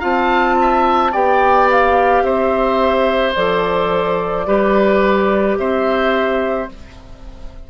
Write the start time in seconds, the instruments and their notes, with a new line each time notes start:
0.00 bassoon C4, clarinet F4, oboe F5, flute A5
0.61 oboe E5
1.12 bassoon B3, clarinet G4, oboe D5, flute G5
1.71 flute F5
2.22 bassoon C4, oboe C5, flute E5
3.35 bassoon F3, clarinet A4, flute D5
4.47 bassoon G3, clarinet G4, oboe B4
5.59 bassoon C4, oboe C5, flute E5